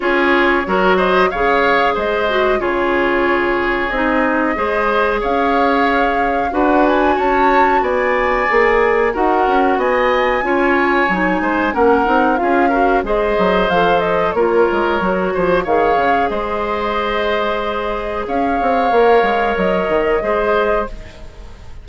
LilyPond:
<<
  \new Staff \with { instrumentName = "flute" } { \time 4/4 \tempo 4 = 92 cis''4. dis''8 f''4 dis''4 | cis''2 dis''2 | f''2 fis''8 gis''8 a''4 | gis''2 fis''4 gis''4~ |
gis''2 fis''4 f''4 | dis''4 f''8 dis''8 cis''2 | f''4 dis''2. | f''2 dis''2 | }
  \new Staff \with { instrumentName = "oboe" } { \time 4/4 gis'4 ais'8 c''8 cis''4 c''4 | gis'2. c''4 | cis''2 b'4 cis''4 | d''2 ais'4 dis''4 |
cis''4. c''8 ais'4 gis'8 ais'8 | c''2 ais'4. c''8 | cis''4 c''2. | cis''2. c''4 | }
  \new Staff \with { instrumentName = "clarinet" } { \time 4/4 f'4 fis'4 gis'4. fis'8 | f'2 dis'4 gis'4~ | gis'2 fis'2~ | fis'4 gis'4 fis'2 |
f'4 dis'4 cis'8 dis'8 f'8 fis'8 | gis'4 a'4 f'4 fis'4 | gis'1~ | gis'4 ais'2 gis'4 | }
  \new Staff \with { instrumentName = "bassoon" } { \time 4/4 cis'4 fis4 cis4 gis4 | cis2 c'4 gis4 | cis'2 d'4 cis'4 | b4 ais4 dis'8 cis'8 b4 |
cis'4 fis8 gis8 ais8 c'8 cis'4 | gis8 fis8 f4 ais8 gis8 fis8 f8 | dis8 cis8 gis2. | cis'8 c'8 ais8 gis8 fis8 dis8 gis4 | }
>>